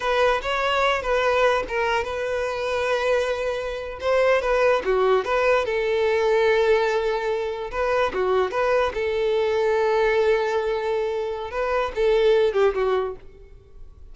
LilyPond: \new Staff \with { instrumentName = "violin" } { \time 4/4 \tempo 4 = 146 b'4 cis''4. b'4. | ais'4 b'2.~ | b'4.~ b'16 c''4 b'4 fis'16~ | fis'8. b'4 a'2~ a'16~ |
a'2~ a'8. b'4 fis'16~ | fis'8. b'4 a'2~ a'16~ | a'1 | b'4 a'4. g'8 fis'4 | }